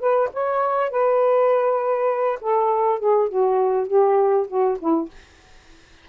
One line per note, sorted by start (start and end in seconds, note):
0.00 0.30 B4
0.34 0.91 C#5
0.91 2.40 B4
2.41 3.00 A4
3.00 3.29 G#4
3.29 3.88 F#4
3.88 4.47 G4
4.48 4.78 F#4
4.80 5.10 E4